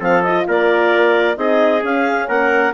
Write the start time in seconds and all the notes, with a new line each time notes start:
0.00 F3 C4 A4 F5
0.24 F4 D#5
0.48 A#3 A#4 D5
1.37 C4 D#4 G#4 D#5
1.83 C#4 F5
2.28 A#3 A#4 F#5